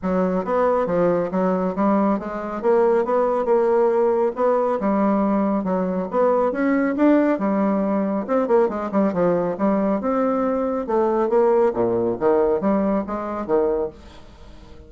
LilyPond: \new Staff \with { instrumentName = "bassoon" } { \time 4/4 \tempo 4 = 138 fis4 b4 f4 fis4 | g4 gis4 ais4 b4 | ais2 b4 g4~ | g4 fis4 b4 cis'4 |
d'4 g2 c'8 ais8 | gis8 g8 f4 g4 c'4~ | c'4 a4 ais4 ais,4 | dis4 g4 gis4 dis4 | }